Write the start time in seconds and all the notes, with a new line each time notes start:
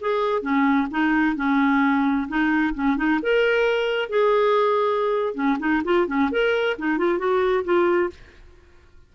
0.00 G#4
0.41 C#4
0.90 D#4
1.36 C#4
2.28 D#4
2.74 C#4
2.97 D#4
3.22 A#4
4.09 G#4
5.34 C#4
5.59 D#4
5.84 F4
6.07 C#4
6.31 A#4
6.78 D#4
6.98 F4
7.18 F#4
7.64 F4